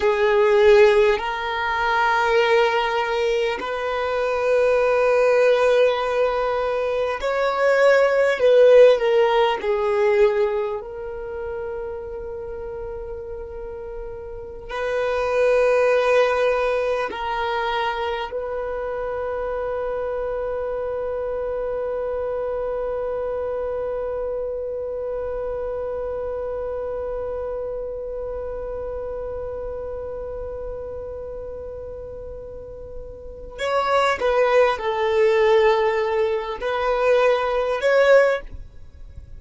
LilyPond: \new Staff \with { instrumentName = "violin" } { \time 4/4 \tempo 4 = 50 gis'4 ais'2 b'4~ | b'2 cis''4 b'8 ais'8 | gis'4 ais'2.~ | ais'16 b'2 ais'4 b'8.~ |
b'1~ | b'1~ | b'1 | cis''8 b'8 a'4. b'4 cis''8 | }